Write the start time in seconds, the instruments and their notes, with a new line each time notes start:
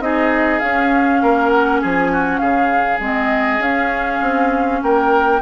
0.00 bassoon C4, clarinet D#4, oboe G#4, flute D#5
0.59 bassoon C#4, clarinet C#4, flute F5
1.22 bassoon A#3, oboe A#4
1.50 flute F#5
1.81 bassoon F3, oboe G#4, flute G#5
2.12 oboe F#4
2.38 bassoon C#3, oboe G#4, flute F5
2.99 bassoon G#3, clarinet C4, flute D#5
3.59 bassoon C#4, clarinet C#4, flute F5
4.22 bassoon C4
4.82 bassoon A#3, oboe A#4, flute G5